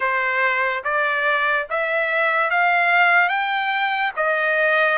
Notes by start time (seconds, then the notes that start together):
0.00 C5
0.83 D5
1.70 E5
2.50 F5
3.28 G5
4.16 D#5